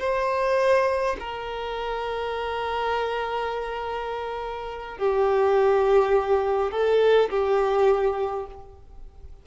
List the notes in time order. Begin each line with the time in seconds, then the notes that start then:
0.00 C5
1.20 A#4
4.98 G4
6.72 A4
7.30 G4